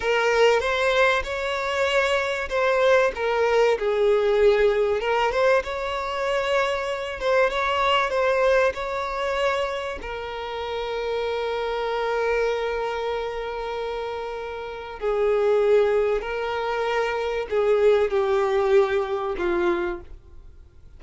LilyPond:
\new Staff \with { instrumentName = "violin" } { \time 4/4 \tempo 4 = 96 ais'4 c''4 cis''2 | c''4 ais'4 gis'2 | ais'8 c''8 cis''2~ cis''8 c''8 | cis''4 c''4 cis''2 |
ais'1~ | ais'1 | gis'2 ais'2 | gis'4 g'2 f'4 | }